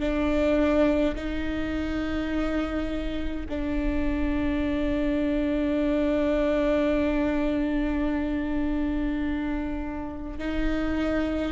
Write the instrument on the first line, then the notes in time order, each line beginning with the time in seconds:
viola
0.00 D4
1.16 D#4
3.49 D4
10.39 D#4